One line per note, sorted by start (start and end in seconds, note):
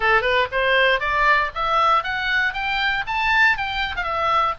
0.00 0.21 A4
0.21 0.47 B4
0.51 1.00 C5
1.00 1.50 D5
1.55 2.03 E5
2.03 2.53 F#5
2.53 3.04 G5
3.06 3.57 A5
3.57 3.95 G5
3.96 4.03 F5
4.03 4.54 E5